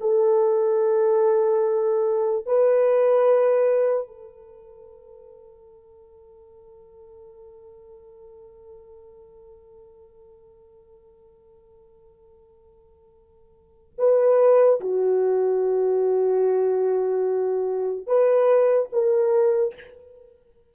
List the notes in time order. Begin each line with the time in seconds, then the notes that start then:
0.00 A4
2.45 B4
4.07 A4
13.98 B4
14.80 F#4
18.07 B4
18.92 A#4